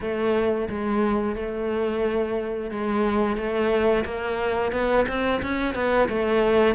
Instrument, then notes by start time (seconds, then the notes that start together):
cello
0.01 A3
0.69 G#3
1.35 A3
2.70 G#3
3.36 A3
4.04 A#3
4.72 B3
5.07 C4
5.42 C#4
5.74 B3
6.08 A3